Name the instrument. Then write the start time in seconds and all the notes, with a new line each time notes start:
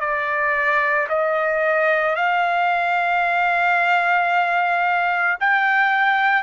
trumpet
0.00 D5
1.09 D#5
2.16 F5
5.40 G5